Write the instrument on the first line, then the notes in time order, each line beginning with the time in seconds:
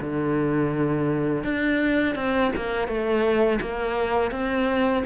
cello
0.00 D3
1.43 D4
2.15 C4
2.55 A#3
2.87 A3
3.61 A#3
4.31 C4